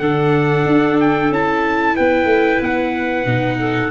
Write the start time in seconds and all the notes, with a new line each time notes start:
0.00 D3 D4 A4 F#5
0.66 D4
1.00 G5
1.30 C#4 E4 A5
1.96 B3 B4 G5
2.25 A3
2.62 B3 F#5
3.26 B2 D#4
3.60 A4